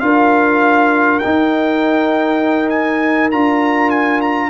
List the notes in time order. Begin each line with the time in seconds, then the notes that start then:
0.00 D4 F4 A#4 F5
1.19 D#4 G5
2.69 G#5
3.31 D4 F4 A#5
3.91 G#5
4.21 A#5